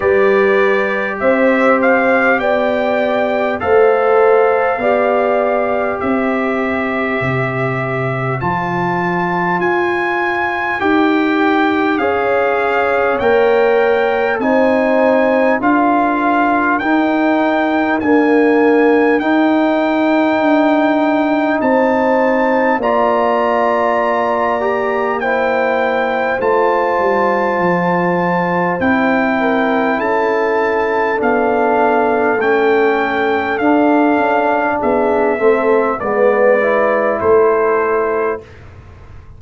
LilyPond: <<
  \new Staff \with { instrumentName = "trumpet" } { \time 4/4 \tempo 4 = 50 d''4 e''8 f''8 g''4 f''4~ | f''4 e''2 a''4 | gis''4 g''4 f''4 g''4 | gis''4 f''4 g''4 gis''4 |
g''2 a''4 ais''4~ | ais''4 g''4 a''2 | g''4 a''4 f''4 g''4 | f''4 e''4 d''4 c''4 | }
  \new Staff \with { instrumentName = "horn" } { \time 4/4 b'4 c''4 d''4 c''4 | d''4 c''2.~ | c''2 cis''2 | c''4 ais'2.~ |
ais'2 c''4 d''4~ | d''4 c''2.~ | c''8 ais'8 a'2.~ | a'4 gis'8 a'8 b'4 a'4 | }
  \new Staff \with { instrumentName = "trombone" } { \time 4/4 g'2. a'4 | g'2. f'4~ | f'4 g'4 gis'4 ais'4 | dis'4 f'4 dis'4 ais4 |
dis'2. f'4~ | f'8 g'8 e'4 f'2 | e'2 d'4 cis'4 | d'4. c'8 b8 e'4. | }
  \new Staff \with { instrumentName = "tuba" } { \time 4/4 g4 c'4 b4 a4 | b4 c'4 c4 f4 | f'4 dis'4 cis'4 ais4 | c'4 d'4 dis'4 d'4 |
dis'4 d'4 c'4 ais4~ | ais2 a8 g8 f4 | c'4 cis'4 b4 a4 | d'8 cis'8 b8 a8 gis4 a4 | }
>>